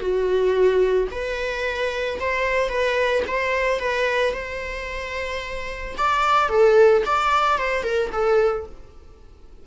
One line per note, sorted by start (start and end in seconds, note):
0.00 1.08 F#4
1.11 2.19 B4
2.20 2.69 C5
2.69 3.23 B4
3.27 3.80 C5
3.80 4.33 B4
4.33 5.95 C5
5.98 6.49 D5
6.49 7.03 A4
7.05 7.58 D5
7.58 7.83 C5
7.83 8.10 A#4
8.12 8.66 A4